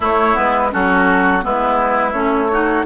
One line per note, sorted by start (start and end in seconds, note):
0.00 0.35 A3
0.00 0.33 A3
0.00 0.71 E4
0.00 0.36 C#5
0.33 0.73 G#3
0.33 0.69 B3
0.33 0.72 B4
0.70 1.44 F#3
0.70 1.41 C#4
0.70 1.44 F#4
0.70 1.44 A4
1.41 2.13 G#3
1.41 2.12 B3
1.41 2.51 E4
1.41 2.12 B4
2.12 2.84 A3
2.12 2.48 C#4
2.12 2.84 C#5
2.51 2.86 D#4
2.51 2.86 F#4